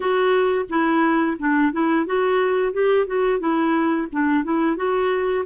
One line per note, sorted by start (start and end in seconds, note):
0.00 0.65 F#4
0.69 1.37 E4
1.38 1.72 D4
1.72 2.05 E4
2.05 2.72 F#4
2.72 3.07 G4
3.07 3.39 F#4
3.39 4.07 E4
4.12 4.43 D4
4.43 4.76 E4
4.76 5.44 F#4